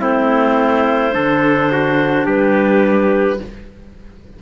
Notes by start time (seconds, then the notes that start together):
0.00 A3 C4 E4 C5
1.12 D3 D4 A4
1.72 F#4
2.26 G3 G4 B4